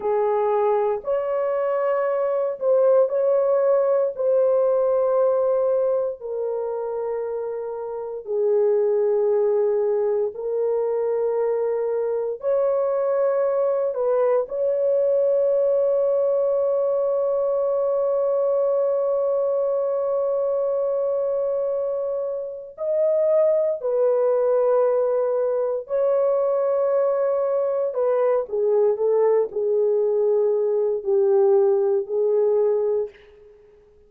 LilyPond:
\new Staff \with { instrumentName = "horn" } { \time 4/4 \tempo 4 = 58 gis'4 cis''4. c''8 cis''4 | c''2 ais'2 | gis'2 ais'2 | cis''4. b'8 cis''2~ |
cis''1~ | cis''2 dis''4 b'4~ | b'4 cis''2 b'8 gis'8 | a'8 gis'4. g'4 gis'4 | }